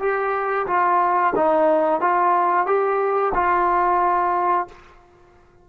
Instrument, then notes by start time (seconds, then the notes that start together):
trombone
0.00 G4
0.67 F4
1.36 D#4
2.01 F4
2.67 G4
3.35 F4